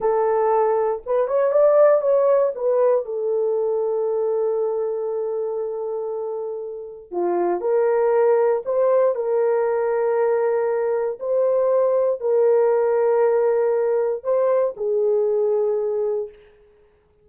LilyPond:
\new Staff \with { instrumentName = "horn" } { \time 4/4 \tempo 4 = 118 a'2 b'8 cis''8 d''4 | cis''4 b'4 a'2~ | a'1~ | a'2 f'4 ais'4~ |
ais'4 c''4 ais'2~ | ais'2 c''2 | ais'1 | c''4 gis'2. | }